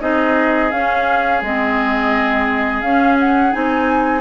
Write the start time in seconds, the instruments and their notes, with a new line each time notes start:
0.00 bassoon C4, clarinet D#4, oboe G#4, flute D#5
0.71 bassoon C#4, clarinet C#4, flute F5
1.42 bassoon G#3, clarinet C4, flute D#5
2.81 bassoon C#4, clarinet C#4, flute F5
3.20 flute F#5
3.52 bassoon C4, clarinet D#4, flute G#5